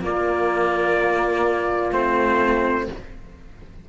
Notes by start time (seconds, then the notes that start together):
0.00 A#3 F4 D5
1.92 A3 C4 C5